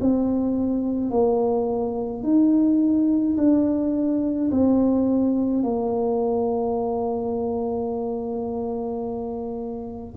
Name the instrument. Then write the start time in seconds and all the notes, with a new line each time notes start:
tuba
0.00 C4
1.11 A#3
2.23 D#4
3.37 D4
4.51 C4
5.63 A#3